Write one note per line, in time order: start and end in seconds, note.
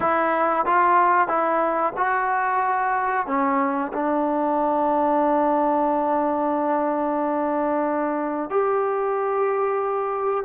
0.00 0.65 E4
0.65 1.27 F4
1.27 1.93 E4
1.97 3.26 F#4
3.26 3.92 C#4
3.93 8.50 D4
8.50 10.44 G4